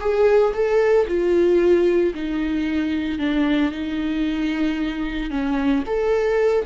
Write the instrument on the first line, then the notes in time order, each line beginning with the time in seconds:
viola
0.00 G#4
0.53 A4
1.07 F4
2.14 D#4
3.19 D4
3.71 D#4
5.30 C#4
5.86 A4